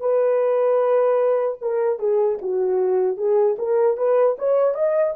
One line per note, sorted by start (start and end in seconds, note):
0.00 1.58 B4
1.61 1.99 A#4
1.99 2.39 G#4
2.41 3.17 F#4
3.17 3.56 G#4
3.58 3.97 A#4
3.97 4.36 B4
4.38 4.74 C#5
4.74 5.14 D#5